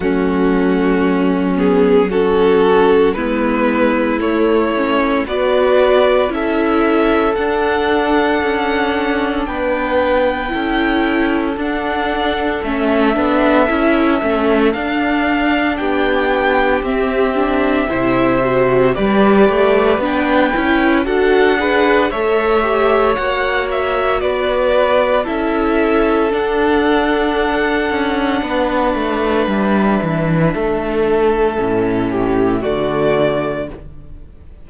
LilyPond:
<<
  \new Staff \with { instrumentName = "violin" } { \time 4/4 \tempo 4 = 57 fis'4. gis'8 a'4 b'4 | cis''4 d''4 e''4 fis''4~ | fis''4 g''2 fis''4 | e''2 f''4 g''4 |
e''2 d''4 g''4 | fis''4 e''4 fis''8 e''8 d''4 | e''4 fis''2. | e''2. d''4 | }
  \new Staff \with { instrumentName = "violin" } { \time 4/4 cis'2 fis'4 e'4~ | e'4 b'4 a'2~ | a'4 b'4 a'2~ | a'2. g'4~ |
g'4 c''4 b'2 | a'8 b'8 cis''2 b'4 | a'2. b'4~ | b'4 a'4. g'8 fis'4 | }
  \new Staff \with { instrumentName = "viola" } { \time 4/4 a4. b8 cis'4 b4 | a8 cis'8 fis'4 e'4 d'4~ | d'2 e'4 d'4 | cis'8 d'8 e'8 cis'8 d'2 |
c'8 d'8 e'8 fis'8 g'4 d'8 e'8 | fis'8 gis'8 a'8 g'8 fis'2 | e'4 d'2.~ | d'2 cis'4 a4 | }
  \new Staff \with { instrumentName = "cello" } { \time 4/4 fis2. gis4 | a4 b4 cis'4 d'4 | cis'4 b4 cis'4 d'4 | a8 b8 cis'8 a8 d'4 b4 |
c'4 c4 g8 a8 b8 cis'8 | d'4 a4 ais4 b4 | cis'4 d'4. cis'8 b8 a8 | g8 e8 a4 a,4 d4 | }
>>